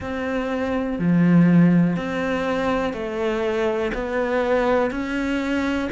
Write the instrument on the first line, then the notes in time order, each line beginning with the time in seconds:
cello
0.00 C4
0.98 F3
1.96 C4
2.93 A3
3.93 B3
4.90 C#4